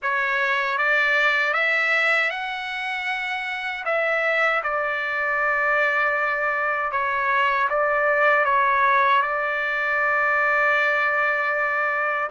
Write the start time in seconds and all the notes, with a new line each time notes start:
0.02 C#5
0.78 D5
1.53 E5
2.30 F#5
3.85 E5
4.63 D5
6.91 C#5
7.69 D5
8.44 C#5
9.22 D5